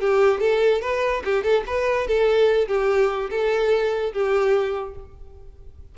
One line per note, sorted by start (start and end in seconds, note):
0.00 0.40 G4
0.40 0.81 A4
0.81 1.23 B4
1.24 1.43 G4
1.43 1.64 A4
1.66 2.07 B4
2.07 2.67 A4
2.67 3.29 G4
3.30 4.12 A4
4.12 4.95 G4